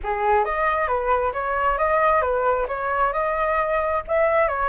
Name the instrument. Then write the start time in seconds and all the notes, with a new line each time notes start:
flute
0.03 G#4
0.44 D#5
0.87 B4
1.33 C#5
1.78 D#5
2.21 B4
2.67 C#5
3.12 D#5
4.07 E5
4.48 C#5